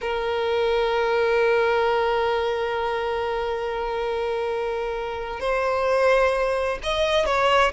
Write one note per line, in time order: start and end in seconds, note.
0.01 5.40 A#4
5.40 6.78 C5
6.83 7.25 D#5
7.25 7.71 C#5